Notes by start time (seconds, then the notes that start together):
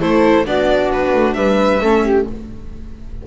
0.00 A3 E4 A4 C5
0.45 B3 D4 F#4 D5
0.92 B4
1.13 A3
1.34 G3 B4 E5
1.80 A3 C#4 A4
2.04 G4